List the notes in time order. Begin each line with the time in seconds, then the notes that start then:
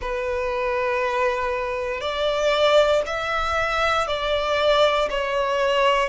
0.00 B4
2.01 D5
3.06 E5
4.07 D5
5.10 C#5